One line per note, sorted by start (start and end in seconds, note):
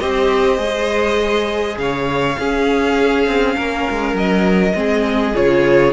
0.00 0.58 C4
0.00 0.58 G4
0.00 1.79 C5
0.00 1.78 D#5
0.58 1.77 G#3
0.58 2.36 G#4
1.78 2.37 C#3
1.78 2.39 C#5
1.78 4.17 F5
2.39 3.27 C#4
2.39 4.75 C#4
2.39 3.56 G#4
3.27 3.57 C4
3.56 3.87 A#3
3.56 4.75 A#4
3.90 4.14 G#3
4.14 4.73 F#3
4.14 5.36 D#5
4.75 5.35 G#3
4.75 5.34 C4
4.75 5.93 G#4
5.35 5.93 C#3
5.35 5.93 F4
5.35 5.93 C#5